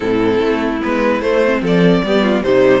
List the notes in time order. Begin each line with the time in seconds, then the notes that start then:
0.00 A2 C4 E4 A4
0.40 A3
0.81 G#3 B3 B4
1.21 A3 C5
1.45 C4
1.61 F3 A4 D5
2.03 G3 B3 G4
2.22 F4
2.42 C3 G3 D#4 C5